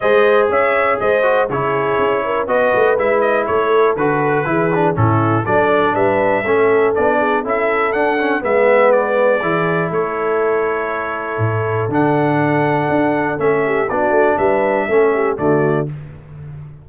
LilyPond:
<<
  \new Staff \with { instrumentName = "trumpet" } { \time 4/4 \tempo 4 = 121 dis''4 e''4 dis''4 cis''4~ | cis''4 dis''4 e''8 dis''8 cis''4 | b'2 a'4 d''4 | e''2 d''4 e''4 |
fis''4 e''4 d''2 | cis''1 | fis''2. e''4 | d''4 e''2 d''4 | }
  \new Staff \with { instrumentName = "horn" } { \time 4/4 c''4 cis''4 c''4 gis'4~ | gis'8 ais'8 b'2 a'4~ | a'4 gis'4 e'4 a'4 | b'4 a'4. gis'8 a'4~ |
a'4 b'2 gis'4 | a'1~ | a'2.~ a'8 g'8 | fis'4 b'4 a'8 g'8 fis'4 | }
  \new Staff \with { instrumentName = "trombone" } { \time 4/4 gis'2~ gis'8 fis'8 e'4~ | e'4 fis'4 e'2 | fis'4 e'8 d'8 cis'4 d'4~ | d'4 cis'4 d'4 e'4 |
d'8 cis'8 b2 e'4~ | e'1 | d'2. cis'4 | d'2 cis'4 a4 | }
  \new Staff \with { instrumentName = "tuba" } { \time 4/4 gis4 cis'4 gis4 cis4 | cis'4 b8 a8 gis4 a4 | d4 e4 a,4 fis4 | g4 a4 b4 cis'4 |
d'4 gis2 e4 | a2. a,4 | d2 d'4 a4 | b8 a8 g4 a4 d4 | }
>>